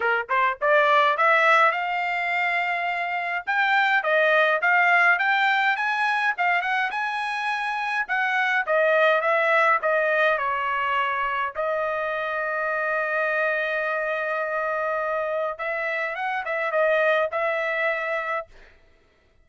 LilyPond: \new Staff \with { instrumentName = "trumpet" } { \time 4/4 \tempo 4 = 104 ais'8 c''8 d''4 e''4 f''4~ | f''2 g''4 dis''4 | f''4 g''4 gis''4 f''8 fis''8 | gis''2 fis''4 dis''4 |
e''4 dis''4 cis''2 | dis''1~ | dis''2. e''4 | fis''8 e''8 dis''4 e''2 | }